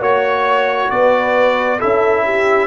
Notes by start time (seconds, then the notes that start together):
0.00 A#3 F#4 C#5
0.90 B3 B4 D5
1.79 C#4 E4 A4 E5
2.25 G4